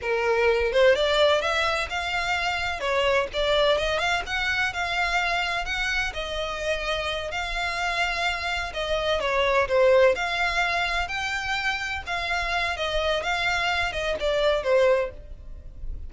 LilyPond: \new Staff \with { instrumentName = "violin" } { \time 4/4 \tempo 4 = 127 ais'4. c''8 d''4 e''4 | f''2 cis''4 d''4 | dis''8 f''8 fis''4 f''2 | fis''4 dis''2~ dis''8 f''8~ |
f''2~ f''8 dis''4 cis''8~ | cis''8 c''4 f''2 g''8~ | g''4. f''4. dis''4 | f''4. dis''8 d''4 c''4 | }